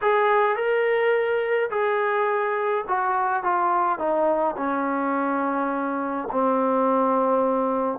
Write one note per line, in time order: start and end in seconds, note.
0.01 0.56 G#4
0.56 1.70 A#4
1.70 2.84 G#4
2.88 3.43 F#4
3.43 3.98 F4
3.98 4.55 D#4
4.56 6.28 C#4
6.31 7.98 C4